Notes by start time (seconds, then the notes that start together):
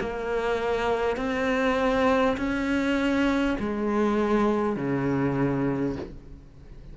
0.00 A#3
1.16 C4
2.37 C#4
3.59 G#3
4.76 C#3